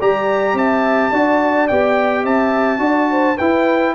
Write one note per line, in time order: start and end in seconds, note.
0.00 0.54 G3
0.00 1.13 G4
0.00 0.57 D5
0.00 0.58 A#5
0.54 1.10 C4
0.54 1.12 E5
0.54 1.68 A5
1.12 1.69 D4
1.12 1.70 F#4
1.12 2.24 D5
1.68 2.24 B3
1.68 2.79 G4
1.68 2.25 G5
2.24 2.79 C4
2.24 2.81 E5
2.24 3.38 A5
2.79 3.35 D4
2.79 3.36 F#4
2.79 3.10 D5
3.11 3.38 C5
3.38 3.95 E4
3.38 3.95 B4
3.38 3.95 G5